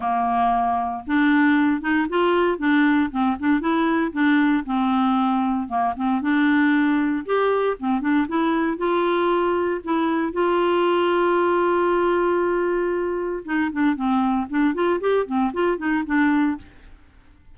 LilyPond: \new Staff \with { instrumentName = "clarinet" } { \time 4/4 \tempo 4 = 116 ais2 d'4. dis'8 | f'4 d'4 c'8 d'8 e'4 | d'4 c'2 ais8 c'8 | d'2 g'4 c'8 d'8 |
e'4 f'2 e'4 | f'1~ | f'2 dis'8 d'8 c'4 | d'8 f'8 g'8 c'8 f'8 dis'8 d'4 | }